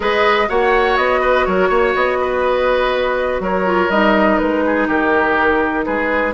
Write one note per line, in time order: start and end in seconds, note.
0.00 0.48 G#3
0.00 0.48 G#4
0.00 0.47 B4
0.00 0.49 D#5
0.48 0.97 A#3
0.48 3.65 F#4
0.48 1.21 C#5
0.48 0.97 F#5
0.97 1.46 B3
0.97 1.45 D#5
1.21 1.45 B4
1.45 1.69 F#3
1.45 1.69 A#4
1.45 1.94 C#5
1.69 1.94 A#3
1.69 2.17 C#5
1.94 3.40 B3
1.94 3.41 D#5
2.20 3.42 B4
3.40 3.89 F#3
3.40 4.64 A#4
3.40 3.90 C#5
3.65 3.90 F4
3.89 4.38 G3
3.89 6.33 D#4
3.89 4.38 D#5
4.38 4.88 G#3
4.38 4.86 B4
4.66 4.87 G#4
4.87 5.85 D#3
4.87 5.85 G4
4.87 5.84 A#4
5.84 6.33 G#3
5.84 6.33 G#4
5.84 6.33 B4